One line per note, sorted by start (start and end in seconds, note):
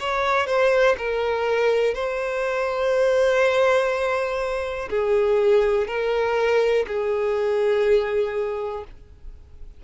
0.00 0.47 C#5
0.47 0.96 C5
0.98 1.94 A#4
1.94 4.89 C5
4.90 5.87 G#4
5.87 6.86 A#4
6.88 8.84 G#4